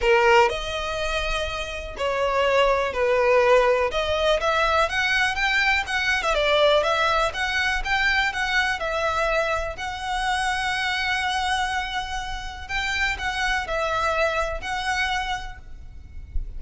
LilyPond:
\new Staff \with { instrumentName = "violin" } { \time 4/4 \tempo 4 = 123 ais'4 dis''2. | cis''2 b'2 | dis''4 e''4 fis''4 g''4 | fis''8. e''16 d''4 e''4 fis''4 |
g''4 fis''4 e''2 | fis''1~ | fis''2 g''4 fis''4 | e''2 fis''2 | }